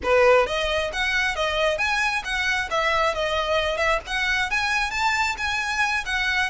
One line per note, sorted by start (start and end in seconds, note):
0.03 0.46 B4
0.46 0.91 D#5
0.93 1.35 F#5
1.35 1.78 D#5
1.78 2.22 G#5
2.24 2.69 F#5
2.70 3.14 E5
3.14 3.77 D#5
3.77 3.99 E5
4.06 4.50 F#5
4.50 4.90 G#5
4.90 5.35 A5
5.37 6.04 G#5
6.05 6.50 F#5